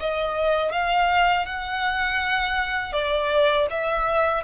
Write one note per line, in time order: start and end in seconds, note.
0.00 0.72 D#5
0.72 1.46 F5
1.46 2.93 F#5
2.93 3.67 D5
3.70 4.44 E5